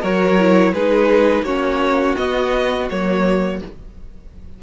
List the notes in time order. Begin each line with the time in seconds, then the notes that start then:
0.00 F#3 F#4 A#4 C#5
0.39 E4
0.72 G#3 D#4 G#4 B4
1.42 A#3 C#4 F#4 C#5
2.17 B3 D#5
2.89 F#3 A#3 C#5